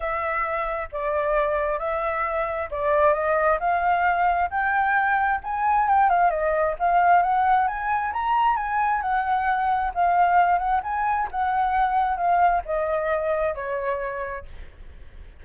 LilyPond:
\new Staff \with { instrumentName = "flute" } { \time 4/4 \tempo 4 = 133 e''2 d''2 | e''2 d''4 dis''4 | f''2 g''2 | gis''4 g''8 f''8 dis''4 f''4 |
fis''4 gis''4 ais''4 gis''4 | fis''2 f''4. fis''8 | gis''4 fis''2 f''4 | dis''2 cis''2 | }